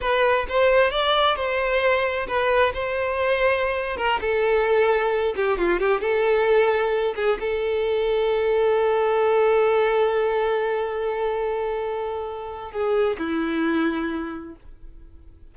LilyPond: \new Staff \with { instrumentName = "violin" } { \time 4/4 \tempo 4 = 132 b'4 c''4 d''4 c''4~ | c''4 b'4 c''2~ | c''8. ais'8 a'2~ a'8 g'16~ | g'16 f'8 g'8 a'2~ a'8 gis'16~ |
gis'16 a'2.~ a'8.~ | a'1~ | a'1 | gis'4 e'2. | }